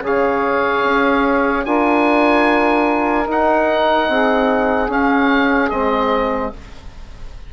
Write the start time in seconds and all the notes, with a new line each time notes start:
0.00 C#3 G#4 C#5 F5
0.83 C#4
1.65 D4 F4 A#4 G#5
3.26 D#4 F#5
4.08 C4 G#4
4.88 C#4 F5
5.69 G#3 C4 D#5